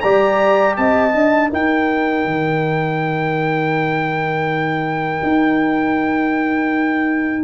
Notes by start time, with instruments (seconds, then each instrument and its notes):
0.00 tuba G3, trombone G4, horn D5, trumpet A#5
0.76 tuba C4, horn D#5, trumpet A5
1.11 tuba D4, trombone D#4
1.50 tuba D#4, horn A#4, trumpet G5
2.24 tuba D#3
5.22 tuba D#4